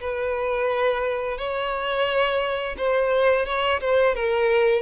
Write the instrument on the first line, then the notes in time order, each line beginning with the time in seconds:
violin
0.00 B4
1.38 C#5
2.77 C5
3.45 C#5
3.81 C5
4.15 A#4